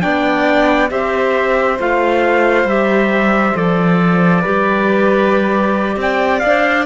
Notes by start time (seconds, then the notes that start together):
0.00 B3 D4 D5 G5
0.89 C4 G4 C5 E5
1.79 A3 F4 F5
2.64 G3 G4 E5
3.55 F3 A4 D5
4.41 G3 G4 B4
5.96 C4 D5 G5
6.39 D4 F5
6.46 C5